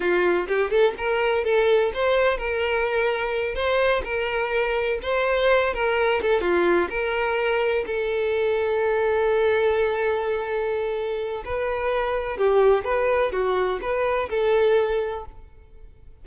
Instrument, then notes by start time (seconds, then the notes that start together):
violin
0.00 F4
0.47 G4
0.70 A4
0.97 A#4
1.44 A4
1.94 C5
2.37 A#4
3.55 C5
4.03 A#4
5.02 C5
5.73 A#4
6.22 A4
6.40 F4
6.89 A#4
7.86 A4
11.44 B4
12.37 G4
12.84 B4
13.32 F#4
13.81 B4
14.29 A4